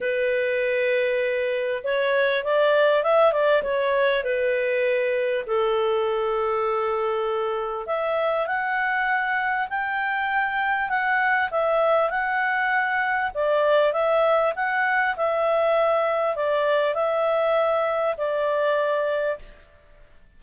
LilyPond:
\new Staff \with { instrumentName = "clarinet" } { \time 4/4 \tempo 4 = 99 b'2. cis''4 | d''4 e''8 d''8 cis''4 b'4~ | b'4 a'2.~ | a'4 e''4 fis''2 |
g''2 fis''4 e''4 | fis''2 d''4 e''4 | fis''4 e''2 d''4 | e''2 d''2 | }